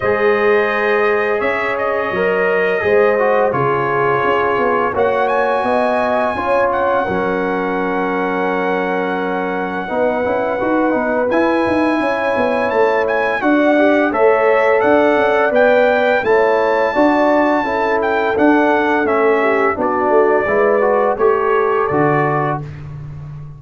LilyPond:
<<
  \new Staff \with { instrumentName = "trumpet" } { \time 4/4 \tempo 4 = 85 dis''2 e''8 dis''4.~ | dis''4 cis''2 fis''8 gis''8~ | gis''4. fis''2~ fis''8~ | fis''1 |
gis''2 a''8 gis''8 fis''4 | e''4 fis''4 g''4 a''4~ | a''4. g''8 fis''4 e''4 | d''2 cis''4 d''4 | }
  \new Staff \with { instrumentName = "horn" } { \time 4/4 c''2 cis''2 | c''4 gis'2 cis''4 | dis''4 cis''4 ais'2~ | ais'2 b'2~ |
b'4 cis''2 d''4 | cis''4 d''2 cis''4 | d''4 a'2~ a'8 g'8 | fis'4 b'4 a'2 | }
  \new Staff \with { instrumentName = "trombone" } { \time 4/4 gis'2. ais'4 | gis'8 fis'8 f'2 fis'4~ | fis'4 f'4 cis'2~ | cis'2 dis'8 e'8 fis'8 dis'8 |
e'2. fis'8 g'8 | a'2 b'4 e'4 | fis'4 e'4 d'4 cis'4 | d'4 e'8 fis'8 g'4 fis'4 | }
  \new Staff \with { instrumentName = "tuba" } { \time 4/4 gis2 cis'4 fis4 | gis4 cis4 cis'8 b8 ais4 | b4 cis'4 fis2~ | fis2 b8 cis'8 dis'8 b8 |
e'8 dis'8 cis'8 b8 a4 d'4 | a4 d'8 cis'8 b4 a4 | d'4 cis'4 d'4 a4 | b8 a8 gis4 a4 d4 | }
>>